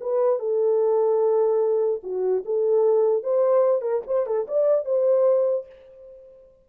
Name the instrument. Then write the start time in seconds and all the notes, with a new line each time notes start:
horn
0.00 B4
0.39 A4
2.03 F#4
2.45 A4
3.23 C5
3.81 A#4
4.07 C5
4.26 A4
4.47 D5
4.85 C5